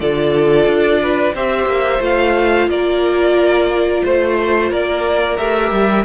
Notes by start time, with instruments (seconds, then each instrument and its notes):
0.00 cello D3, viola F4, violin A4 D5
0.66 cello D4
1.02 violin B4
1.34 cello C4, viola G4, violin C5 E5
1.66 cello A#3
2.00 cello A3, viola F4, violin F5
2.67 cello A#3, violin A#4 D5
4.04 cello A3, violin C5
4.70 cello A#3, violin A#4 D5
5.37 cello A3, viola G4, violin E5
5.71 cello G3